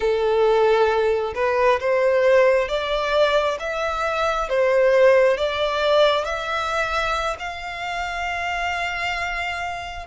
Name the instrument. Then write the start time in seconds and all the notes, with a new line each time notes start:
violin
0.00 A4
1.34 B4
1.80 C5
2.68 D5
3.59 E5
4.49 C5
5.37 D5
6.24 E5
7.39 F5